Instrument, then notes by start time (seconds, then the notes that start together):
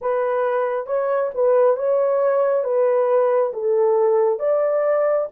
horn
0.01 B4
0.86 C#5
1.34 B4
1.76 C#5
2.64 B4
3.53 A4
4.39 D5